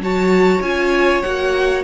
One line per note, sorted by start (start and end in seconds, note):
0.00 0.61 F#3
0.00 0.63 F#4
0.00 1.84 C#5
0.00 0.62 A5
0.61 1.23 C#4
0.61 1.24 F4
0.61 1.22 G#5
1.22 1.84 A#3
1.22 1.84 F#4
1.22 1.83 F#5